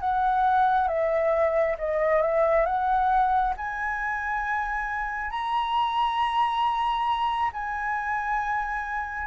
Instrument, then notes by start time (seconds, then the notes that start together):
flute
0.00 F#5
0.88 E5
1.78 D#5
2.22 E5
2.66 F#5
3.57 G#5
5.31 A#5
7.53 G#5